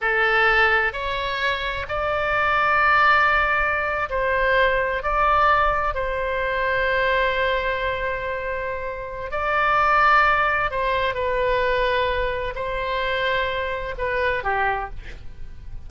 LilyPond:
\new Staff \with { instrumentName = "oboe" } { \time 4/4 \tempo 4 = 129 a'2 cis''2 | d''1~ | d''8. c''2 d''4~ d''16~ | d''8. c''2.~ c''16~ |
c''1 | d''2. c''4 | b'2. c''4~ | c''2 b'4 g'4 | }